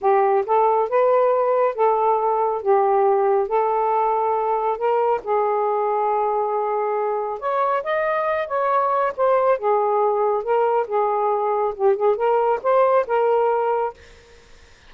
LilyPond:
\new Staff \with { instrumentName = "saxophone" } { \time 4/4 \tempo 4 = 138 g'4 a'4 b'2 | a'2 g'2 | a'2. ais'4 | gis'1~ |
gis'4 cis''4 dis''4. cis''8~ | cis''4 c''4 gis'2 | ais'4 gis'2 g'8 gis'8 | ais'4 c''4 ais'2 | }